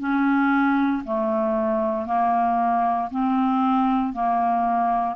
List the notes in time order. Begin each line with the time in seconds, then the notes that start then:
0.00 C#4
1.05 A3
2.06 A#3
3.11 C4
4.14 A#3